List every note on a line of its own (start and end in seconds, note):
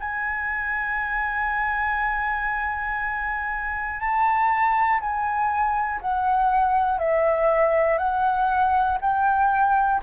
0.00 4.00 G#5
4.00 5.00 A5
5.00 6.00 G#5
6.01 6.99 F#5
6.99 7.98 E5
7.98 8.98 F#5
9.01 10.01 G5